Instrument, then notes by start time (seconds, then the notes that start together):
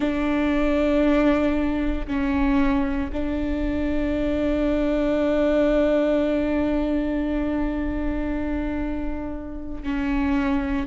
viola
0.00 D4
2.07 C#4
3.12 D4
9.83 C#4